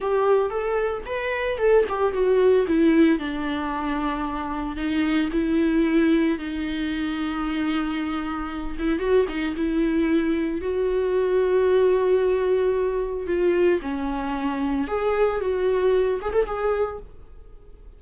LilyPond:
\new Staff \with { instrumentName = "viola" } { \time 4/4 \tempo 4 = 113 g'4 a'4 b'4 a'8 g'8 | fis'4 e'4 d'2~ | d'4 dis'4 e'2 | dis'1~ |
dis'8 e'8 fis'8 dis'8 e'2 | fis'1~ | fis'4 f'4 cis'2 | gis'4 fis'4. gis'16 a'16 gis'4 | }